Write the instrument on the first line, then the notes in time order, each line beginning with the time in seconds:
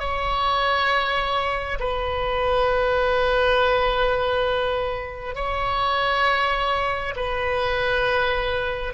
oboe
0.00 C#5
1.80 B4
5.36 C#5
7.16 B4